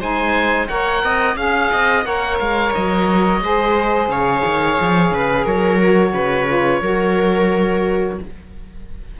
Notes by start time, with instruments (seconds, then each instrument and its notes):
0.00 cello G#3, saxophone D#4, viola C5, oboe G#5
0.68 cello A#3, saxophone A#4, viola C#5, oboe F#5
1.04 cello C4, viola D#5
1.35 cello C#4, saxophone G#4, viola F5, oboe F5
1.72 cello C4, viola D#5
2.05 cello A#3, saxophone A#4, viola C#5, oboe F#5
2.40 cello G#3, oboe F5
2.74 cello F#3, oboe D#5
3.41 cello G#3, saxophone G#4, viola C5
4.08 cello C#3, viola C#5, oboe F5
4.45 cello D#3
4.80 cello F3
5.11 cello C#3, viola B4
5.44 cello F#3, viola A#4, oboe C#5
5.81 saxophone F#4
6.13 cello C#3, viola B4
6.47 saxophone F4
6.82 cello F#3, saxophone F#4, viola A#4